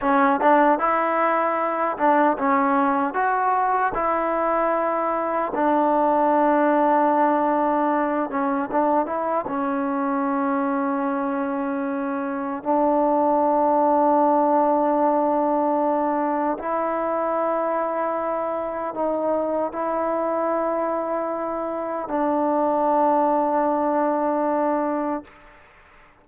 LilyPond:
\new Staff \with { instrumentName = "trombone" } { \time 4/4 \tempo 4 = 76 cis'8 d'8 e'4. d'8 cis'4 | fis'4 e'2 d'4~ | d'2~ d'8 cis'8 d'8 e'8 | cis'1 |
d'1~ | d'4 e'2. | dis'4 e'2. | d'1 | }